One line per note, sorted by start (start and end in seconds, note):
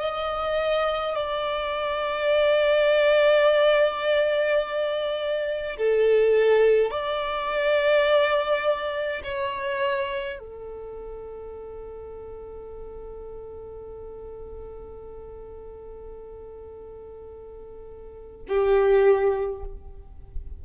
0.00 1.15 D#5
1.15 5.77 D5
5.77 6.91 A4
6.91 9.22 D5
9.24 10.38 C#5
10.38 18.46 A4
18.48 19.64 G4